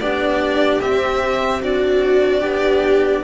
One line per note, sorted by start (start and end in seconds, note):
0.00 0.81 B3
0.00 0.81 D4
0.00 1.62 G4
0.00 0.81 D5
0.81 1.62 C4
0.81 2.43 C4
0.81 1.62 E5
1.62 3.24 D4
1.62 2.40 F#4
1.62 3.24 D5
2.40 3.24 B3
2.40 3.21 G4